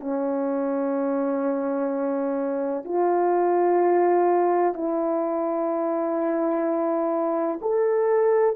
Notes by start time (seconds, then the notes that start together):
0.00 C#4
2.84 F4
4.74 E4
7.61 A4